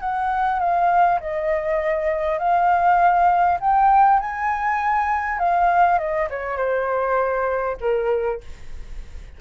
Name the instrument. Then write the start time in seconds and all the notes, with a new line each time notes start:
flute
0.00 F#5
0.59 F5
1.20 D#5
2.39 F5
3.61 G5
4.20 G#5
5.39 F5
5.99 D#5
6.30 C#5
6.57 C5
7.81 A#4